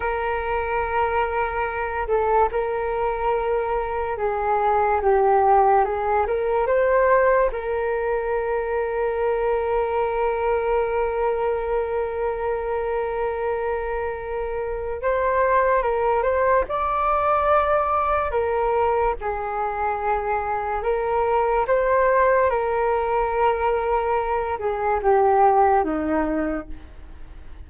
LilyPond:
\new Staff \with { instrumentName = "flute" } { \time 4/4 \tempo 4 = 72 ais'2~ ais'8 a'8 ais'4~ | ais'4 gis'4 g'4 gis'8 ais'8 | c''4 ais'2.~ | ais'1~ |
ais'2 c''4 ais'8 c''8 | d''2 ais'4 gis'4~ | gis'4 ais'4 c''4 ais'4~ | ais'4. gis'8 g'4 dis'4 | }